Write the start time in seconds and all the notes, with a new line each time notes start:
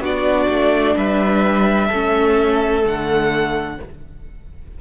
0.00 B3 D4 F#4 D5
0.49 A3
0.96 G3 B4 E5
1.88 A3 C#4 A4
2.83 D3 A3 F#5